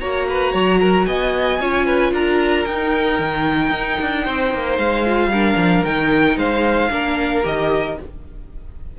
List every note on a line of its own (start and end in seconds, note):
0.00 0.54 A#3
0.00 1.60 F#4
0.00 0.27 C#5
0.00 1.05 A#5
0.29 0.52 B4
0.52 1.07 F#3
0.52 0.79 C#5
0.80 1.07 A#4
1.05 1.60 B3
1.05 1.61 D#5
1.05 2.12 G#5
1.60 2.12 C#4
1.60 2.66 F4
1.60 1.86 C#5
1.86 2.13 B4
2.12 2.65 D4
2.12 4.23 A#4
2.12 2.65 A#5
2.65 3.19 D#4
2.65 5.06 D#4
2.65 4.78 G5
3.19 3.71 D#3
3.71 3.97 D#4
4.01 4.27 D4
4.23 4.54 C4
4.23 5.29 C5
4.54 4.78 A#3
4.78 5.27 G#3
4.78 5.84 F5
5.06 5.33 F4
5.27 5.54 G3
5.27 5.85 D4
5.27 6.38 A#4
5.56 5.83 F3
5.85 6.36 D#3
5.85 6.90 D#4
5.85 6.38 G5
6.36 6.89 G#3
6.36 6.91 C5
6.36 7.44 F5
6.90 7.43 A#3
6.90 7.43 D4
6.90 7.98 A#4
7.43 7.98 D#3
7.43 7.96 G4
7.43 7.99 D#5